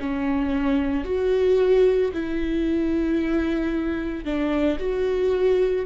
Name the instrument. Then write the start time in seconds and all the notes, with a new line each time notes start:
viola
0.00 C#4
1.05 F#4
2.14 E4
4.25 D4
4.79 F#4